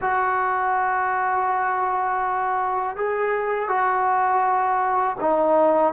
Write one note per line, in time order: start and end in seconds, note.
0.01 2.96 F#4
2.96 3.68 G#4
3.68 5.16 F#4
5.20 5.93 D#4